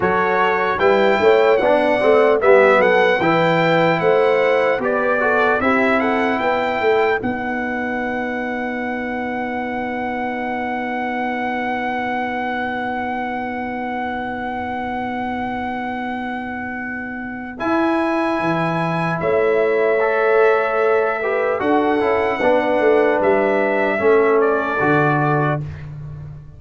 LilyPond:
<<
  \new Staff \with { instrumentName = "trumpet" } { \time 4/4 \tempo 4 = 75 cis''4 g''4 fis''4 e''8 fis''8 | g''4 fis''4 d''4 e''8 fis''8 | g''4 fis''2.~ | fis''1~ |
fis''1~ | fis''2 gis''2 | e''2. fis''4~ | fis''4 e''4. d''4. | }
  \new Staff \with { instrumentName = "horn" } { \time 4/4 a'4 b'8 cis''8 d''4 g'8 a'8 | b'4 c''4 b'8 a'8 g'8 a'8 | b'1~ | b'1~ |
b'1~ | b'1 | cis''2~ cis''8 b'8 a'4 | b'2 a'2 | }
  \new Staff \with { instrumentName = "trombone" } { \time 4/4 fis'4 e'4 d'8 c'8 b4 | e'2 g'8 fis'8 e'4~ | e'4 dis'2.~ | dis'1~ |
dis'1~ | dis'2 e'2~ | e'4 a'4. g'8 fis'8 e'8 | d'2 cis'4 fis'4 | }
  \new Staff \with { instrumentName = "tuba" } { \time 4/4 fis4 g8 a8 b8 a8 g8 fis8 | e4 a4 b4 c'4 | b8 a8 b2.~ | b1~ |
b1~ | b2 e'4 e4 | a2. d'8 cis'8 | b8 a8 g4 a4 d4 | }
>>